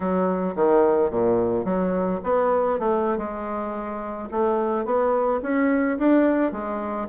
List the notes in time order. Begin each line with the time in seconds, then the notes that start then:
0.00 F#3
0.55 D#3
1.10 A#2
1.64 F#3
2.23 B3
2.79 A3
3.17 G#3
4.31 A3
4.85 B3
5.42 C#4
5.98 D4
6.52 G#3